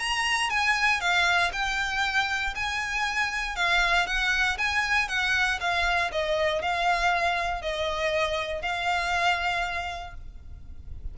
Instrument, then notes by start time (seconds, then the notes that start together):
violin
0.00 A#5
0.50 G#5
1.01 F5
1.53 G5
2.55 G#5
3.56 F5
4.07 F#5
4.58 G#5
5.09 F#5
5.60 F5
6.12 D#5
6.62 F5
7.62 D#5
8.62 F5